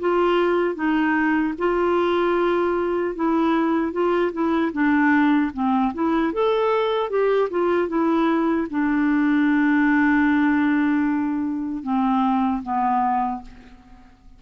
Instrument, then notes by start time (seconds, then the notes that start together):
clarinet
0.00 F4
0.75 D#4
1.59 F4
3.16 E4
3.93 F4
4.33 E4
4.73 D4
5.54 C4
5.94 E4
6.33 A4
7.10 G4
7.50 F4
7.89 E4
8.71 D4
11.83 C4
12.63 B3